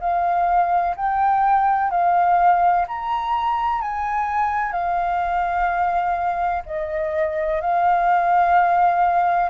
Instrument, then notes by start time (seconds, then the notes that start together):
flute
0.00 F5
0.96 G5
1.90 F5
2.87 A#5
3.81 G#5
4.72 F5
6.66 D#5
7.61 F5